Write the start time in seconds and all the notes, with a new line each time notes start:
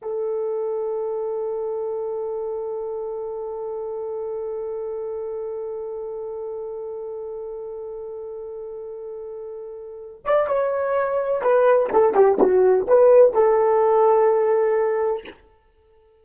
0.02 A4
10.24 D5
10.47 C#5
11.42 B4
11.92 A4
12.14 G4
12.39 F#4
12.87 B4
13.33 A4